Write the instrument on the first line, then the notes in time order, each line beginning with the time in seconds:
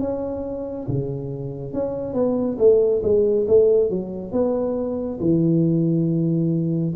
tuba
0.00 C#4
0.88 C#3
1.73 C#4
2.14 B3
2.58 A3
3.03 G#3
3.47 A3
3.90 F#3
4.32 B3
5.20 E3